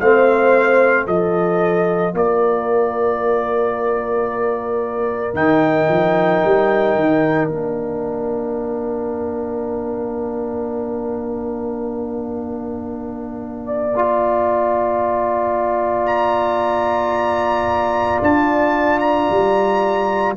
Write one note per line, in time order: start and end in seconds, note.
0.00 1.07 A3
0.00 1.08 C4
0.00 1.06 C5
0.00 1.07 F5
1.06 2.14 F3
1.06 5.35 F4
1.06 2.13 A4
1.06 2.15 D#5
2.14 5.33 A#3
2.14 13.65 A#4
2.14 5.35 D5
5.33 5.87 D#3
5.33 7.49 D#4
5.33 7.50 G5
5.89 6.42 F3
6.44 6.95 G3
6.95 7.49 D#3
7.49 18.20 A#3
7.49 13.92 D4
7.49 16.06 F5
13.65 20.35 D5
13.95 20.37 F4
16.06 18.21 A#5
18.22 19.29 D4
18.22 19.00 A5
19.00 20.33 A#5
19.30 20.37 G3